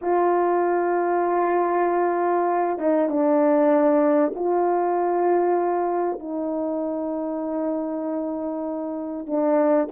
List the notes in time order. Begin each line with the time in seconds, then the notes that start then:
0.01 F4
2.78 D#4
3.09 D4
4.35 F4
6.19 D#4
9.26 D4